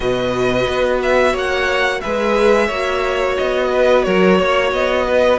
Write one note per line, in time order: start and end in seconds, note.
0.00 0.66 B2
0.00 2.02 F#4
0.00 1.32 B4
0.00 1.00 D#5
0.67 1.33 B3
1.02 1.36 E5
1.32 2.01 A#3
1.32 1.99 C#5
1.38 2.01 F#5
2.01 2.69 G#3
2.01 2.70 G#4
2.01 2.66 B4
2.01 3.35 E5
2.66 3.37 A#3
2.66 5.39 F#4
2.66 3.68 C#5
3.37 4.06 B3
3.37 4.03 D#5
3.72 4.05 B4
4.03 4.38 F#3
4.03 4.38 A#4
4.03 4.70 C#5
4.38 4.71 A#3
4.38 5.05 C#5
4.71 5.39 B3
4.71 5.39 D#5
5.07 5.39 B4